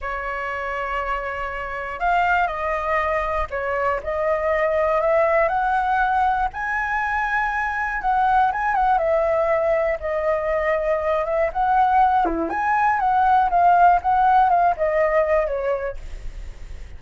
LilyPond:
\new Staff \with { instrumentName = "flute" } { \time 4/4 \tempo 4 = 120 cis''1 | f''4 dis''2 cis''4 | dis''2 e''4 fis''4~ | fis''4 gis''2. |
fis''4 gis''8 fis''8 e''2 | dis''2~ dis''8 e''8 fis''4~ | fis''8 e'8 gis''4 fis''4 f''4 | fis''4 f''8 dis''4. cis''4 | }